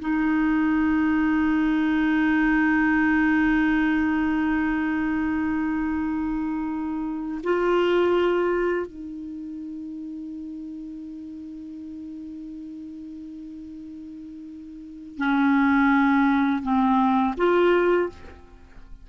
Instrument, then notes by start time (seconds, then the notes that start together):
clarinet
0.00 D#4
7.44 F4
8.86 D#4
15.18 C#4
16.63 C4
17.37 F4